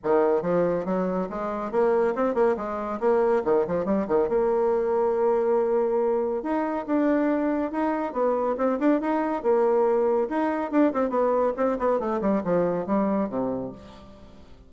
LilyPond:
\new Staff \with { instrumentName = "bassoon" } { \time 4/4 \tempo 4 = 140 dis4 f4 fis4 gis4 | ais4 c'8 ais8 gis4 ais4 | dis8 f8 g8 dis8 ais2~ | ais2. dis'4 |
d'2 dis'4 b4 | c'8 d'8 dis'4 ais2 | dis'4 d'8 c'8 b4 c'8 b8 | a8 g8 f4 g4 c4 | }